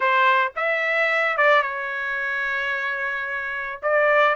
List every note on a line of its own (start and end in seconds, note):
0.00 0.52 C5
0.56 1.37 E5
1.37 1.62 D5
1.62 3.80 C#5
3.82 4.35 D5